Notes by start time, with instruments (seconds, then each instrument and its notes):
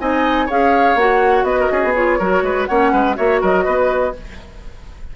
0.00 bassoon C4, clarinet D#4, oboe D#5, flute G#5
0.46 bassoon C#4, clarinet G#4, oboe C#5, flute F5
0.95 bassoon A#3, clarinet F#4, flute F#5
1.43 bassoon B3, oboe B4, flute D#5
1.60 oboe A#4
1.72 bassoon C#4, oboe G#4
1.84 bassoon B3
1.95 clarinet F4, flute C#5
2.19 bassoon F#3, clarinet F#4, oboe A#4
2.42 bassoon G#3, oboe B4
2.66 bassoon A#3, clarinet C#4, oboe C#5, flute F#5
2.92 bassoon G#3, oboe B4
3.16 bassoon A#3, clarinet F#4, oboe C#5, flute E5
3.41 bassoon F#3, oboe A#4, flute D#5
3.64 bassoon B3, oboe B4